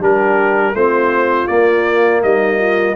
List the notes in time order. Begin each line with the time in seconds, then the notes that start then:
0.00 G3 D4 G4 A#4
0.73 A3 C4 F4 C5
1.47 A#3 D5
2.23 G3 D#4 D#5
2.58 F4